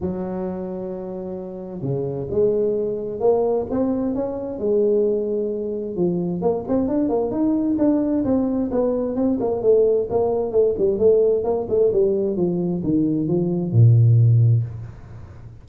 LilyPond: \new Staff \with { instrumentName = "tuba" } { \time 4/4 \tempo 4 = 131 fis1 | cis4 gis2 ais4 | c'4 cis'4 gis2~ | gis4 f4 ais8 c'8 d'8 ais8 |
dis'4 d'4 c'4 b4 | c'8 ais8 a4 ais4 a8 g8 | a4 ais8 a8 g4 f4 | dis4 f4 ais,2 | }